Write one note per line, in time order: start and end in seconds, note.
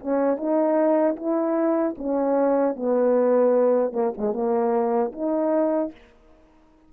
0.00 0.37 C#4
0.37 1.16 D#4
1.16 1.95 E4
1.98 2.76 C#4
2.76 3.93 B3
3.93 4.13 A#3
4.18 4.33 G#3
4.33 5.12 A#3
5.13 5.92 D#4